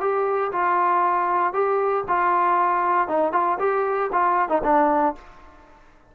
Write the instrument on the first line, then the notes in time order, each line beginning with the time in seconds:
trombone
0.00 G4
0.52 F4
1.53 G4
2.07 F4
3.07 D#4
3.32 F4
3.59 G4
4.12 F4
4.48 D#4
4.63 D4